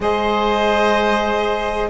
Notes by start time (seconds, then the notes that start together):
0.00 G#3 G#4 C5 D#5